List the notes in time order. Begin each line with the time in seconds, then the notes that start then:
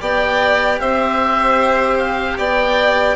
0.00 B3 G4 D5 G5
0.80 C4 C5 E5
1.98 F5
2.38 B3 D5 G5